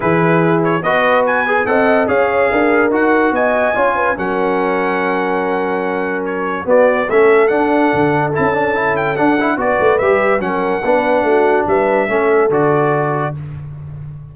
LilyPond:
<<
  \new Staff \with { instrumentName = "trumpet" } { \time 4/4 \tempo 4 = 144 b'4. cis''8 dis''4 gis''4 | fis''4 f''2 fis''4 | gis''2 fis''2~ | fis''2. cis''4 |
d''4 e''4 fis''2 | a''4. g''8 fis''4 d''4 | e''4 fis''2. | e''2 d''2 | }
  \new Staff \with { instrumentName = "horn" } { \time 4/4 gis'2 b'2 | dis''4 cis''4 ais'2 | dis''4 cis''8 b'8 ais'2~ | ais'1 |
fis'4 a'2.~ | a'2. b'4~ | b'4 ais'4 b'4 fis'4 | b'4 a'2. | }
  \new Staff \with { instrumentName = "trombone" } { \time 4/4 e'2 fis'4. gis'8 | a'4 gis'2 fis'4~ | fis'4 f'4 cis'2~ | cis'1 |
b4 cis'4 d'2 | e'8 d'8 e'4 d'8 e'8 fis'4 | g'4 cis'4 d'2~ | d'4 cis'4 fis'2 | }
  \new Staff \with { instrumentName = "tuba" } { \time 4/4 e2 b2 | c'4 cis'4 d'4 dis'4 | b4 cis'4 fis2~ | fis1 |
b4 a4 d'4 d4 | cis'2 d'4 b8 a8 | g4 fis4 b4 a4 | g4 a4 d2 | }
>>